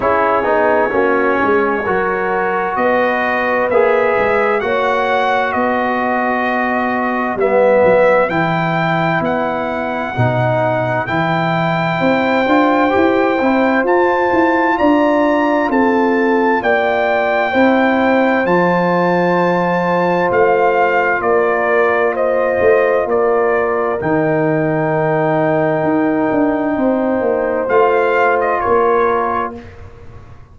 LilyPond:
<<
  \new Staff \with { instrumentName = "trumpet" } { \time 4/4 \tempo 4 = 65 cis''2. dis''4 | e''4 fis''4 dis''2 | e''4 g''4 fis''2 | g''2. a''4 |
ais''4 a''4 g''2 | a''2 f''4 d''4 | dis''4 d''4 g''2~ | g''2 f''8. dis''16 cis''4 | }
  \new Staff \with { instrumentName = "horn" } { \time 4/4 gis'4 fis'8 gis'8 ais'4 b'4~ | b'4 cis''4 b'2~ | b'1~ | b'4 c''2. |
d''4 a'4 d''4 c''4~ | c''2. ais'4 | c''4 ais'2.~ | ais'4 c''2 ais'4 | }
  \new Staff \with { instrumentName = "trombone" } { \time 4/4 e'8 dis'8 cis'4 fis'2 | gis'4 fis'2. | b4 e'2 dis'4 | e'4. f'8 g'8 e'8 f'4~ |
f'2. e'4 | f'1~ | f'2 dis'2~ | dis'2 f'2 | }
  \new Staff \with { instrumentName = "tuba" } { \time 4/4 cis'8 b8 ais8 gis8 fis4 b4 | ais8 gis8 ais4 b2 | g8 fis8 e4 b4 b,4 | e4 c'8 d'8 e'8 c'8 f'8 e'8 |
d'4 c'4 ais4 c'4 | f2 a4 ais4~ | ais8 a8 ais4 dis2 | dis'8 d'8 c'8 ais8 a4 ais4 | }
>>